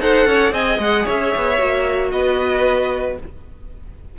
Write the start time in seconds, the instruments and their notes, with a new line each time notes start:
0.00 cello D#4, viola A4, violin C5 F#5
0.26 cello C#4, violin C#5
0.52 cello C4, viola G#4, violin D#5 G#5
0.78 cello G#3, violin F#5
1.05 cello C#4, violin C#5 E5
1.36 cello B3
1.58 cello A#3, viola F#4
2.11 cello B3, violin B4 D#5